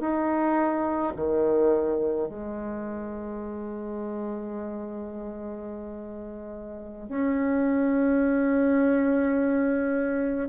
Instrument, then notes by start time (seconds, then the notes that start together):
bassoon
0.00 D#4
1.16 D#3
2.29 G#3
7.09 C#4